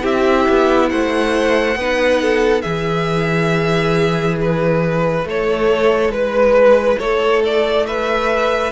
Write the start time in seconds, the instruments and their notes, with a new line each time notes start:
0.00 cello C4, viola E4, violin G4 E5
0.49 cello B3
0.89 cello A3, violin C5 F#5
1.75 cello B3, viola D#4, violin B4
2.22 violin A4
2.61 cello E3, viola E4, violin G#4 E5
4.40 violin B4
5.24 cello A3, violin A4 C#5
6.09 cello G#3, violin B4
6.98 cello A3, violin A4 C#5
7.45 violin D5
7.86 violin B4 E5